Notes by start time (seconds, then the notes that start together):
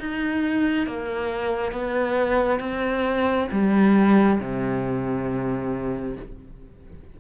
0.00 D#4
0.87 A#3
1.72 B3
2.60 C4
3.51 G3
4.40 C3